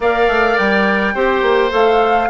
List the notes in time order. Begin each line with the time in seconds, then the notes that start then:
0.00 A#3 A#4 D5 F5
0.27 A3
0.57 G3 G5
1.14 C4 G4 C5
1.42 A#3
1.70 A3 A4 F5